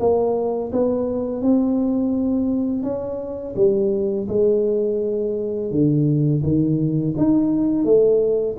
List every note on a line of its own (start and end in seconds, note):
0.00 0.71 A#3
0.72 1.42 B3
1.42 2.83 C4
2.83 3.55 C#4
3.56 4.27 G3
4.29 5.71 G#3
5.71 6.42 D3
6.43 7.14 D#3
7.18 7.85 D#4
7.85 8.56 A3